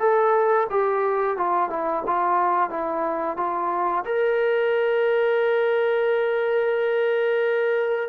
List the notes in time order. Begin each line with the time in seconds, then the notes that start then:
0.00 A4
0.70 G4
1.38 F4
1.70 E4
2.07 F4
2.71 E4
3.37 F4
4.06 A#4